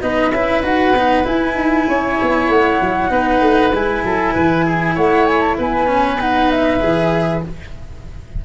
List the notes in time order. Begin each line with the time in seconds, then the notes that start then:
0.00 B3 D#4 B4 D#5
0.31 C#4 E4 E5
0.62 D#4 F#4 F#5
0.93 B3 D#4
1.24 E4 G#5
1.54 D#4
1.88 C#4 C#5
2.22 B3
2.48 A3 F#5
2.80 F#3
3.09 B3 D#4 B4
3.40 A3
3.71 G#3 E4 G#5
4.04 F#3 A4
4.33 E3 B4
4.66 G#4
4.94 A3 C#5 F#5
5.26 G#5
5.40 A5
5.57 B3 B4 G#5
5.87 C#4
6.20 D#4 F#5
6.50 E5
6.80 E3 G#4